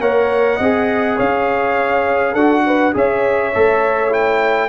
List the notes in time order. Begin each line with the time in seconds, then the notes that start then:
0.00 A#3 A#4 C#5 F#5
0.57 C4 G#4 D#5
1.17 C#4 C#5 F5
2.33 D4 F#4 A4 F#5
2.66 B4
2.93 C#4 G#4 C#5 E5
3.55 A3 A4
4.10 E4 G5